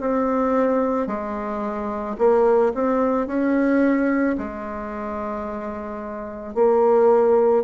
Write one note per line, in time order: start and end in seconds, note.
0.00 1.07 C4
1.07 2.16 G#3
2.18 2.73 A#3
2.74 3.27 C4
3.27 4.36 C#4
4.38 6.55 G#3
6.55 7.64 A#3